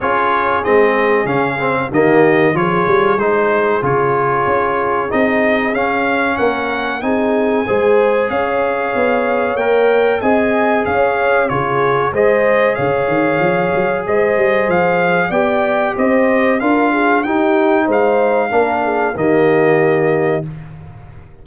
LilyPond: <<
  \new Staff \with { instrumentName = "trumpet" } { \time 4/4 \tempo 4 = 94 cis''4 dis''4 f''4 dis''4 | cis''4 c''4 cis''2 | dis''4 f''4 fis''4 gis''4~ | gis''4 f''2 g''4 |
gis''4 f''4 cis''4 dis''4 | f''2 dis''4 f''4 | g''4 dis''4 f''4 g''4 | f''2 dis''2 | }
  \new Staff \with { instrumentName = "horn" } { \time 4/4 gis'2. g'4 | gis'1~ | gis'2 ais'4 gis'4 | c''4 cis''2. |
dis''4 cis''4 gis'4 c''4 | cis''2 c''2 | d''4 c''4 ais'8 gis'8 g'4 | c''4 ais'8 gis'8 g'2 | }
  \new Staff \with { instrumentName = "trombone" } { \time 4/4 f'4 c'4 cis'8 c'8 ais4 | f'4 dis'4 f'2 | dis'4 cis'2 dis'4 | gis'2. ais'4 |
gis'2 f'4 gis'4~ | gis'1 | g'2 f'4 dis'4~ | dis'4 d'4 ais2 | }
  \new Staff \with { instrumentName = "tuba" } { \time 4/4 cis'4 gis4 cis4 dis4 | f8 g8 gis4 cis4 cis'4 | c'4 cis'4 ais4 c'4 | gis4 cis'4 b4 ais4 |
c'4 cis'4 cis4 gis4 | cis8 dis8 f8 fis8 gis8 g8 f4 | b4 c'4 d'4 dis'4 | gis4 ais4 dis2 | }
>>